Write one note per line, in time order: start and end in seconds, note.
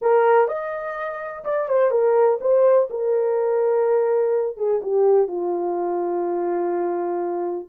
0.01 0.48 A#4
0.48 1.44 D#5
1.44 1.68 D5
1.68 1.90 C5
1.90 2.38 A#4
2.40 2.88 C5
2.90 4.56 A#4
4.56 4.80 G#4
4.82 5.27 G4
5.27 7.67 F4